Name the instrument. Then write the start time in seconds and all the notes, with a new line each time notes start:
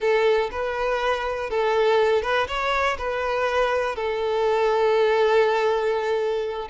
violin
0.00 A4
0.51 B4
1.50 A4
2.22 B4
2.47 C#5
2.98 B4
3.95 A4